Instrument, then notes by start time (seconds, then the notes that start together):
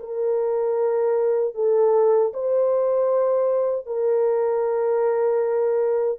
horn
0.00 A#4
1.55 A4
2.33 C5
3.86 A#4